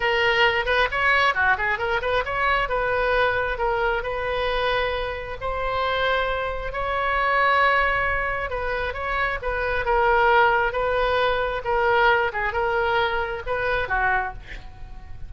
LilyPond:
\new Staff \with { instrumentName = "oboe" } { \time 4/4 \tempo 4 = 134 ais'4. b'8 cis''4 fis'8 gis'8 | ais'8 b'8 cis''4 b'2 | ais'4 b'2. | c''2. cis''4~ |
cis''2. b'4 | cis''4 b'4 ais'2 | b'2 ais'4. gis'8 | ais'2 b'4 fis'4 | }